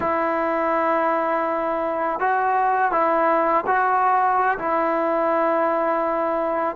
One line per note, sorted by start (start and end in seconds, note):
0.00 2.19 E4
2.19 2.91 F#4
2.91 3.64 E4
3.66 4.57 F#4
4.58 6.76 E4